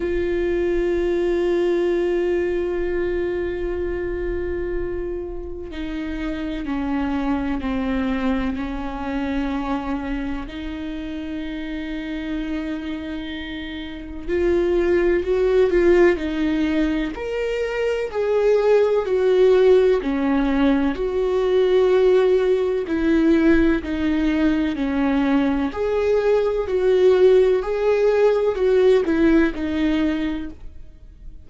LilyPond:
\new Staff \with { instrumentName = "viola" } { \time 4/4 \tempo 4 = 63 f'1~ | f'2 dis'4 cis'4 | c'4 cis'2 dis'4~ | dis'2. f'4 |
fis'8 f'8 dis'4 ais'4 gis'4 | fis'4 cis'4 fis'2 | e'4 dis'4 cis'4 gis'4 | fis'4 gis'4 fis'8 e'8 dis'4 | }